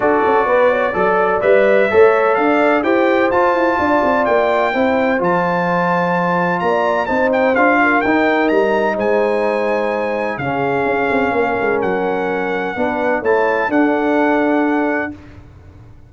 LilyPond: <<
  \new Staff \with { instrumentName = "trumpet" } { \time 4/4 \tempo 4 = 127 d''2. e''4~ | e''4 f''4 g''4 a''4~ | a''4 g''2 a''4~ | a''2 ais''4 a''8 g''8 |
f''4 g''4 ais''4 gis''4~ | gis''2 f''2~ | f''4 fis''2. | a''4 fis''2. | }
  \new Staff \with { instrumentName = "horn" } { \time 4/4 a'4 b'8 cis''8 d''2 | cis''4 d''4 c''2 | d''2 c''2~ | c''2 d''4 c''4~ |
c''8 ais'2~ ais'8 c''4~ | c''2 gis'2 | ais'2. b'4 | cis''4 a'2. | }
  \new Staff \with { instrumentName = "trombone" } { \time 4/4 fis'2 a'4 b'4 | a'2 g'4 f'4~ | f'2 e'4 f'4~ | f'2. dis'4 |
f'4 dis'2.~ | dis'2 cis'2~ | cis'2. d'4 | e'4 d'2. | }
  \new Staff \with { instrumentName = "tuba" } { \time 4/4 d'8 cis'8 b4 fis4 g4 | a4 d'4 e'4 f'8 e'8 | d'8 c'8 ais4 c'4 f4~ | f2 ais4 c'4 |
d'4 dis'4 g4 gis4~ | gis2 cis4 cis'8 c'8 | ais8 gis8 fis2 b4 | a4 d'2. | }
>>